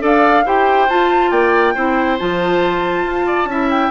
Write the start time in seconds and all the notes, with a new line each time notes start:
0.00 D4 A4 D5 F5
0.45 E4 G4 C5 G5
0.89 F4 A5
1.30 A#3 D5 G5
1.74 C4 E4 C5
2.18 F3 F4 A5
3.05 F4
3.26 D5
3.45 C#4 E4 E5
3.69 G5